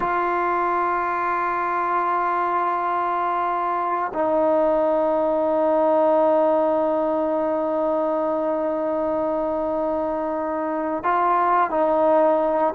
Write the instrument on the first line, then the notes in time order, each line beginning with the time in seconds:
trombone
0.00 F4
4.13 D#4
11.03 F4
11.70 D#4